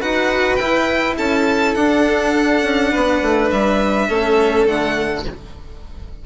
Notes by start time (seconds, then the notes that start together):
0.00 D#4 F#4 B4 F#5
0.56 E4 G5
1.17 C#4 A4 A5
1.75 D4 F#5
2.62 C#4
2.92 B3 B4
3.22 A3
3.51 G3 E5
4.08 A3 C#4 A4
4.67 D3 A3 F#5